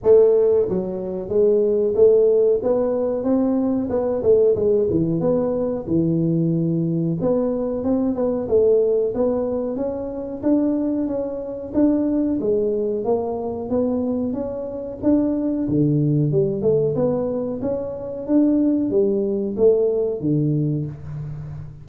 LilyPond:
\new Staff \with { instrumentName = "tuba" } { \time 4/4 \tempo 4 = 92 a4 fis4 gis4 a4 | b4 c'4 b8 a8 gis8 e8 | b4 e2 b4 | c'8 b8 a4 b4 cis'4 |
d'4 cis'4 d'4 gis4 | ais4 b4 cis'4 d'4 | d4 g8 a8 b4 cis'4 | d'4 g4 a4 d4 | }